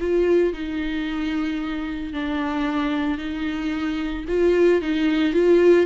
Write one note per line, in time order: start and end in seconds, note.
0.00 0.53 F4
0.53 2.13 D#4
2.13 3.18 D4
3.18 4.25 D#4
4.28 4.82 F4
4.82 5.33 D#4
5.33 5.86 F4